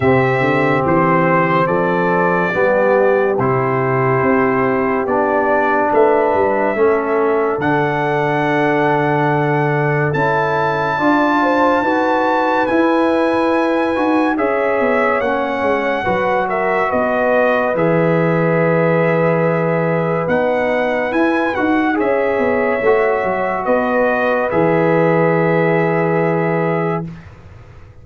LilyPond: <<
  \new Staff \with { instrumentName = "trumpet" } { \time 4/4 \tempo 4 = 71 e''4 c''4 d''2 | c''2 d''4 e''4~ | e''4 fis''2. | a''2. gis''4~ |
gis''4 e''4 fis''4. e''8 | dis''4 e''2. | fis''4 gis''8 fis''8 e''2 | dis''4 e''2. | }
  \new Staff \with { instrumentName = "horn" } { \time 4/4 g'2 a'4 g'4~ | g'2. b'4 | a'1~ | a'4 d''8 c''8 b'2~ |
b'4 cis''2 b'8 ais'8 | b'1~ | b'2 cis''2 | b'1 | }
  \new Staff \with { instrumentName = "trombone" } { \time 4/4 c'2. b4 | e'2 d'2 | cis'4 d'2. | e'4 f'4 fis'4 e'4~ |
e'8 fis'8 gis'4 cis'4 fis'4~ | fis'4 gis'2. | dis'4 e'8 fis'8 gis'4 fis'4~ | fis'4 gis'2. | }
  \new Staff \with { instrumentName = "tuba" } { \time 4/4 c8 d8 e4 f4 g4 | c4 c'4 b4 a8 g8 | a4 d2. | cis'4 d'4 dis'4 e'4~ |
e'8 dis'8 cis'8 b8 ais8 gis8 fis4 | b4 e2. | b4 e'8 dis'8 cis'8 b8 a8 fis8 | b4 e2. | }
>>